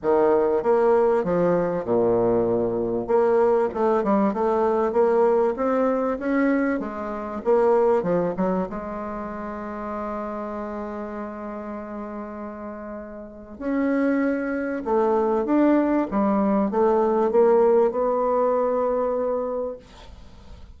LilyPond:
\new Staff \with { instrumentName = "bassoon" } { \time 4/4 \tempo 4 = 97 dis4 ais4 f4 ais,4~ | ais,4 ais4 a8 g8 a4 | ais4 c'4 cis'4 gis4 | ais4 f8 fis8 gis2~ |
gis1~ | gis2 cis'2 | a4 d'4 g4 a4 | ais4 b2. | }